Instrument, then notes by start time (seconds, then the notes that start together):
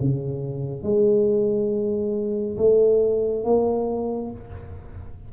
tuba
0.00 C#3
0.83 G#3
2.57 A3
3.44 A#3